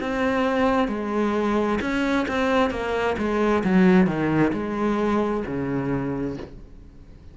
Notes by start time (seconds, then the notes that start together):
0.00 C4
0.88 G#3
1.81 C#4
2.28 C4
2.71 A#3
3.18 G#3
3.64 F#3
4.07 D#3
4.53 G#3
5.46 C#3